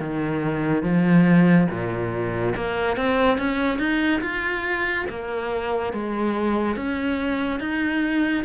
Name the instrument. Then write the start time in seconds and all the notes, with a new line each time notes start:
cello
0.00 D#3
0.83 F3
1.71 A#2
2.56 A#3
2.97 C4
3.38 C#4
3.79 D#4
4.21 F4
5.10 A#3
5.93 G#3
6.77 C#4
7.60 D#4